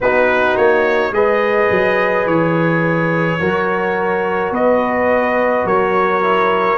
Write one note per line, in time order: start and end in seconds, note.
0.00 0.57 B3
0.00 1.12 D#4
0.00 1.14 F#4
0.00 0.56 B4
0.56 1.11 A#3
0.56 1.13 C#5
1.11 1.68 G#3
1.11 3.39 G#4
1.11 3.40 B4
1.11 2.27 D#5
1.70 2.26 F#3
2.26 3.39 E3
2.26 4.53 C#5
3.39 4.51 F#3
3.39 6.21 F#4
3.39 4.53 A#4
4.51 5.64 B3
4.51 5.66 B4
4.51 5.67 D#5
5.65 6.77 F#3
5.65 6.77 A#4
5.65 6.77 C#5
6.21 6.77 E4